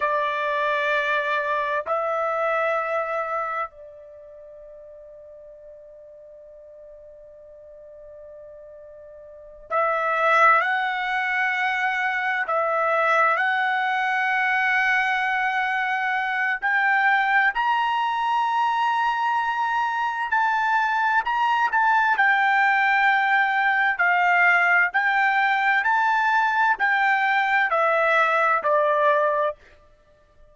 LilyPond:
\new Staff \with { instrumentName = "trumpet" } { \time 4/4 \tempo 4 = 65 d''2 e''2 | d''1~ | d''2~ d''8 e''4 fis''8~ | fis''4. e''4 fis''4.~ |
fis''2 g''4 ais''4~ | ais''2 a''4 ais''8 a''8 | g''2 f''4 g''4 | a''4 g''4 e''4 d''4 | }